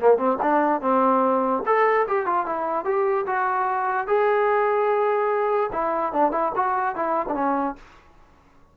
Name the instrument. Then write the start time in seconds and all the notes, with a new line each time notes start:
trombone
0.00 A#3
0.17 C4
0.42 D4
0.81 C4
1.66 A4
2.07 G4
2.26 F4
2.46 E4
2.84 G4
3.26 F#4
4.07 G#4
5.72 E4
6.13 D4
6.31 E4
6.55 F#4
6.95 E4
7.28 C#4 D4